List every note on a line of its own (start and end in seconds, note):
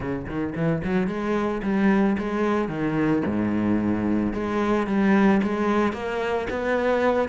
0.00 0.26 C#3
0.27 0.54 D#3
0.55 0.82 E3
0.84 1.07 F#3
1.07 1.61 G#3
1.62 2.16 G3
2.18 2.68 G#3
2.68 3.22 D#3
3.25 4.33 G#2
4.33 4.86 G#3
4.86 5.41 G3
5.42 5.93 G#3
5.93 6.47 A#3
6.50 7.29 B3